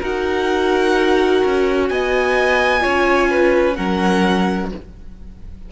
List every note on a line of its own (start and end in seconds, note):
0.00 1.44 D#4
0.00 2.80 F#4
0.00 1.88 A#4
0.00 1.89 F#5
1.45 1.90 C#4
1.89 2.84 B3
1.89 2.83 D#5
1.89 3.76 G#5
2.80 3.78 C#4
2.80 3.74 F4
2.80 3.29 C#5
3.30 3.77 B4
3.76 4.72 F#3
3.76 4.71 C#4
3.76 4.71 A#4
3.76 4.69 F#5